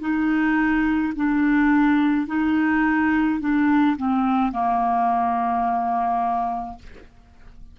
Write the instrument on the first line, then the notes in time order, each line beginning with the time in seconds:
clarinet
0.00 D#4
1.16 D4
2.27 D#4
3.40 D4
3.97 C4
4.52 A#3